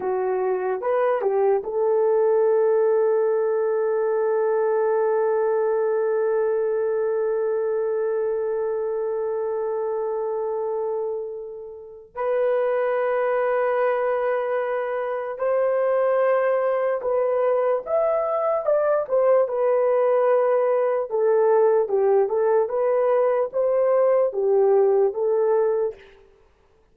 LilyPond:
\new Staff \with { instrumentName = "horn" } { \time 4/4 \tempo 4 = 74 fis'4 b'8 g'8 a'2~ | a'1~ | a'1~ | a'2. b'4~ |
b'2. c''4~ | c''4 b'4 e''4 d''8 c''8 | b'2 a'4 g'8 a'8 | b'4 c''4 g'4 a'4 | }